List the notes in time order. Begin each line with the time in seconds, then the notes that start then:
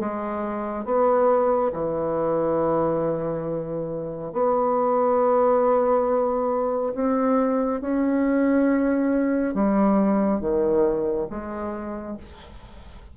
0.00 G#3
0.85 B3
1.73 E3
4.33 B3
6.95 C4
7.81 C#4
9.54 G3
10.40 D#3
11.30 G#3